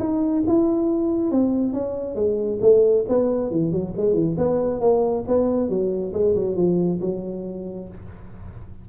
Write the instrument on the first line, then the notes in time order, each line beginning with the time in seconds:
tuba
0.00 D#4
0.48 E4
1.32 C4
1.74 C#4
2.16 G#3
2.62 A3
3.09 B3
3.51 E3
3.72 F#3
3.98 G#3
4.14 E3
4.38 B3
4.81 A#3
5.28 B3
5.70 F#3
6.14 G#3
6.36 F#3
6.57 F3
7.01 F#3